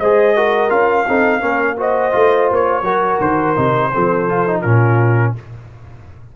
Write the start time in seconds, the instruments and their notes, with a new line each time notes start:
0.00 tuba G#3, trombone G#4, horn C5, trumpet D#5
0.36 trombone F#4, horn A#4
0.69 tuba C#4, trombone F4, trumpet F5
1.08 tuba C4, trombone D#4, horn A4
1.41 tuba A#3, trombone C#4, horn A#4
1.77 trombone F#4, horn C5, trumpet D#5
2.12 tuba A3, trombone F4
2.52 tuba A#3, trumpet C#5
2.82 tuba F#3, trombone F#4, horn A#4
3.21 tuba D#3, trumpet C5
3.56 tuba C3, trombone D#4
3.93 tuba F3, trombone C4, horn A4
4.30 trombone F4
4.47 trombone D#4
4.62 tuba A#2, trombone C#4, horn F4, trumpet A#4